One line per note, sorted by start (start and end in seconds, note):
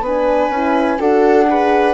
0.00 0.48 B3
0.00 0.53 D4
0.00 0.99 B4
0.00 1.00 G#5
0.49 0.98 C#4
0.49 0.98 E4
0.98 1.94 D4
0.98 1.47 F#4
0.98 1.48 A4
0.98 1.94 F#5
1.47 1.94 G#4
1.47 1.94 B4